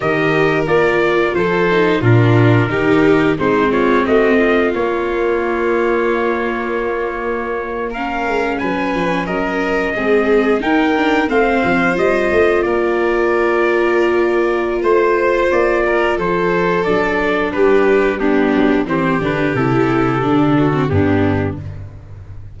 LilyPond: <<
  \new Staff \with { instrumentName = "trumpet" } { \time 4/4 \tempo 4 = 89 dis''4 d''4 c''4 ais'4~ | ais'4 c''8 cis''8 dis''4 cis''4~ | cis''2.~ cis''8. f''16~ | f''8. gis''4 dis''2 g''16~ |
g''8. f''4 dis''4 d''4~ d''16~ | d''2 c''4 d''4 | c''4 d''4 b'4 g'4 | c''8 b'8 a'2 g'4 | }
  \new Staff \with { instrumentName = "violin" } { \time 4/4 ais'2 a'4 f'4 | g'4 dis'8 f'8 fis'8 f'4.~ | f'2.~ f'8. ais'16~ | ais'8. b'4 ais'4 gis'4 ais'16~ |
ais'8. c''2 ais'4~ ais'16~ | ais'2 c''4. ais'8 | a'2 g'4 d'4 | g'2~ g'8 fis'8 d'4 | }
  \new Staff \with { instrumentName = "viola" } { \time 4/4 g'4 f'4. dis'8 d'4 | dis'4 c'2 ais4~ | ais2.~ ais8. cis'16~ | cis'2~ cis'8. c'4 dis'16~ |
dis'16 d'8 c'4 f'2~ f'16~ | f'1~ | f'4 d'2 b4 | c'8 d'8 e'4 d'8. c'16 b4 | }
  \new Staff \with { instrumentName = "tuba" } { \time 4/4 dis4 ais4 f4 ais,4 | dis4 gis4 a4 ais4~ | ais1~ | ais16 gis8 fis8 f8 fis4 gis4 dis'16~ |
dis'8. a8 f8 g8 a8 ais4~ ais16~ | ais2 a4 ais4 | f4 fis4 g4. fis8 | e8 d8 c4 d4 g,4 | }
>>